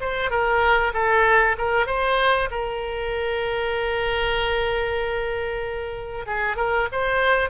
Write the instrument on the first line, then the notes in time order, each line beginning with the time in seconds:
oboe
0.00 C5
0.30 A#4
0.93 A4
1.58 A#4
1.86 C5
2.51 A#4
6.26 G#4
6.56 A#4
6.92 C5